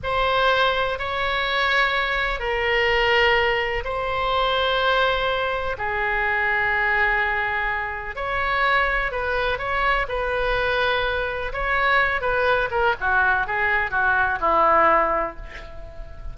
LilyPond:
\new Staff \with { instrumentName = "oboe" } { \time 4/4 \tempo 4 = 125 c''2 cis''2~ | cis''4 ais'2. | c''1 | gis'1~ |
gis'4 cis''2 b'4 | cis''4 b'2. | cis''4. b'4 ais'8 fis'4 | gis'4 fis'4 e'2 | }